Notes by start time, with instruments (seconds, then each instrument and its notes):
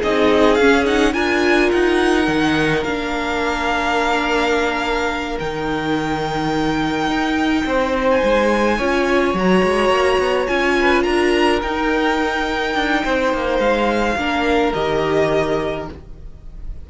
0.00 cello C4, viola D#4, violin G#4 D#5
0.56 cello C#4, viola C#4, violin F5
0.86 viola D#4, violin F#5
1.14 cello D4, viola F4, violin A#4 G#5
1.72 cello D#4, violin F#5
2.28 cello D#3, viola D#4
2.84 cello A#3, viola D4, violin F5
5.40 cello D#3, viola D#4, violin G5
7.08 cello D#4
7.66 cello C4, violin C5
8.11 violin G#5
8.24 cello G#3
8.78 cello C#4, viola F4, violin C#5
9.34 cello F#3, viola F#4, violin A#5
9.64 cello G#3
9.90 cello A#3
10.19 cello B3
10.47 cello C#4, viola F4, violin G#5
10.81 violin B4
11.03 cello D4, violin A#4 A#5
11.62 viola D#4, cello D#4, violin G5
12.76 cello D4
13.05 cello C4, violin C5
13.34 cello A#3
13.60 cello G#3, violin F5
14.17 cello A#3, viola D4, violin A#4
14.74 cello D#3, viola G4, violin D#5